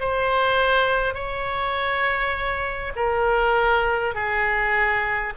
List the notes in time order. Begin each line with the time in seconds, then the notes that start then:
0.00 C5
1.14 C#5
2.96 A#4
4.14 G#4